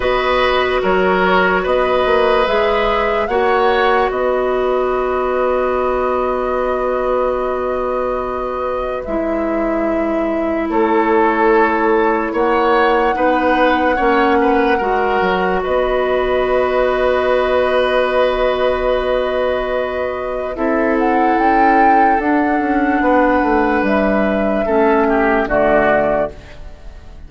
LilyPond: <<
  \new Staff \with { instrumentName = "flute" } { \time 4/4 \tempo 4 = 73 dis''4 cis''4 dis''4 e''4 | fis''4 dis''2.~ | dis''2. e''4~ | e''4 cis''2 fis''4~ |
fis''2. dis''4~ | dis''1~ | dis''4 e''8 fis''8 g''4 fis''4~ | fis''4 e''2 d''4 | }
  \new Staff \with { instrumentName = "oboe" } { \time 4/4 b'4 ais'4 b'2 | cis''4 b'2.~ | b'1~ | b'4 a'2 cis''4 |
b'4 cis''8 b'8 ais'4 b'4~ | b'1~ | b'4 a'2. | b'2 a'8 g'8 fis'4 | }
  \new Staff \with { instrumentName = "clarinet" } { \time 4/4 fis'2. gis'4 | fis'1~ | fis'2. e'4~ | e'1 |
dis'4 cis'4 fis'2~ | fis'1~ | fis'4 e'2 d'4~ | d'2 cis'4 a4 | }
  \new Staff \with { instrumentName = "bassoon" } { \time 4/4 b4 fis4 b8 ais8 gis4 | ais4 b2.~ | b2. gis4~ | gis4 a2 ais4 |
b4 ais4 gis8 fis8 b4~ | b1~ | b4 c'4 cis'4 d'8 cis'8 | b8 a8 g4 a4 d4 | }
>>